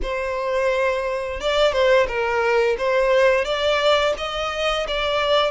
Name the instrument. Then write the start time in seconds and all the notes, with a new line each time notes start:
violin
0.02 C5
1.40 D5
1.72 C5
2.07 A#4
2.77 C5
3.45 D5
4.17 D#5
4.87 D5